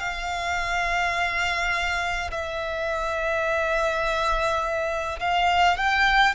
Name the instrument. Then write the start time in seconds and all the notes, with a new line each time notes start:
violin
0.00 F5
2.31 E5
5.20 F5
5.77 G5